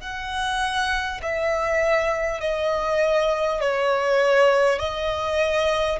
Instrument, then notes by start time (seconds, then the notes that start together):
violin
0.00 F#5
1.22 E5
2.41 D#5
3.60 C#5
4.79 D#5